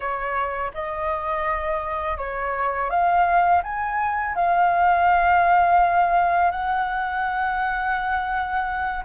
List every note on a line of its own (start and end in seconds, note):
0.00 0.71 C#5
0.74 2.17 D#5
2.17 2.89 C#5
2.89 3.62 F5
3.63 4.35 G#5
4.35 6.51 F5
6.51 9.04 F#5